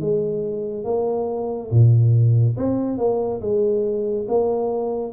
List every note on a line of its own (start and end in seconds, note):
0.00 0.84 G#3
0.84 1.70 A#3
1.71 2.56 A#2
2.57 2.98 C4
2.98 3.41 A#3
3.41 4.27 G#3
4.28 5.12 A#3